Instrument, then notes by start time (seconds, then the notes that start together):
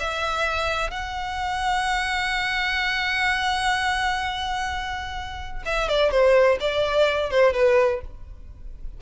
violin
0.00 E5
0.91 F#5
5.66 E5
5.89 D5
6.11 C5
6.61 D5
7.31 C5
7.54 B4